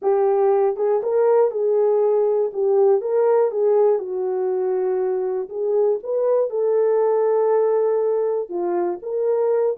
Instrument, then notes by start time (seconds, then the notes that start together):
horn
0.02 G4
0.76 G#4
1.02 A#4
1.51 G#4
2.53 G4
3.01 A#4
3.51 G#4
3.99 F#4
5.49 G#4
6.03 B4
6.50 A4
8.49 F4
9.02 A#4